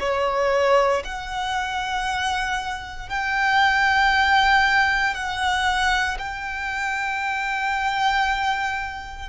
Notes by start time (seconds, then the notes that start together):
0.00 C#5
1.05 F#5
3.10 G5
5.14 F#5
6.19 G5